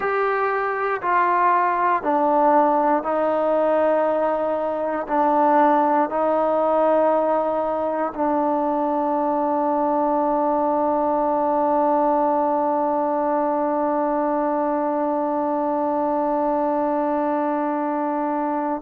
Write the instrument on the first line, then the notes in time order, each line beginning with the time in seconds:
trombone
0.00 G4
1.01 F4
2.02 D4
3.03 D#4
5.08 D4
6.09 D#4
8.14 D4